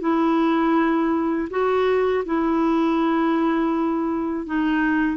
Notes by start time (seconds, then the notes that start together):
0.00 E4
1.50 F#4
2.25 E4
4.46 D#4